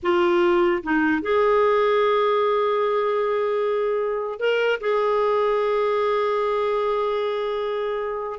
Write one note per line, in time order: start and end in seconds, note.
0.02 0.82 F4
0.83 1.22 D#4
1.22 4.39 G#4
4.39 4.79 A#4
4.80 8.39 G#4